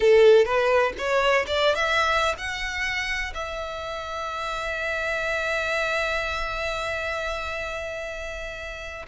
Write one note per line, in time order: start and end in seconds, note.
0.00 0.45 A4
0.45 0.92 B4
0.98 1.45 C#5
1.46 1.75 D5
1.75 2.35 E5
2.38 3.33 F#5
3.34 9.05 E5